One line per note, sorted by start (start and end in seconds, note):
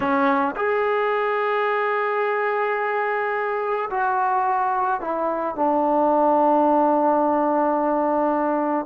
0.00 0.55 C#4
0.56 3.89 G#4
3.90 5.00 F#4
5.00 5.55 E4
5.55 8.86 D4